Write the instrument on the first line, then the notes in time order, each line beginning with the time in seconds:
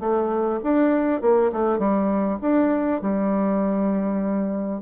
bassoon
0.00 A3
0.64 D4
1.22 A#3
1.52 A3
1.79 G3
2.42 D4
3.02 G3